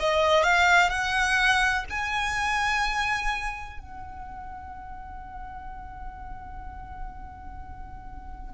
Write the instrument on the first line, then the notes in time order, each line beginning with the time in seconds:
violin
0.00 D#5
0.43 F5
0.90 F#5
1.90 G#5
3.80 F#5